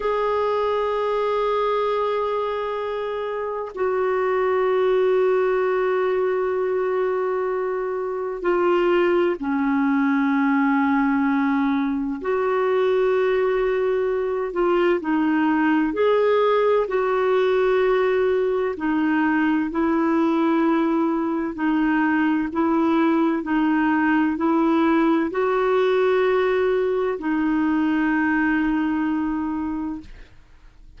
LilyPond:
\new Staff \with { instrumentName = "clarinet" } { \time 4/4 \tempo 4 = 64 gis'1 | fis'1~ | fis'4 f'4 cis'2~ | cis'4 fis'2~ fis'8 f'8 |
dis'4 gis'4 fis'2 | dis'4 e'2 dis'4 | e'4 dis'4 e'4 fis'4~ | fis'4 dis'2. | }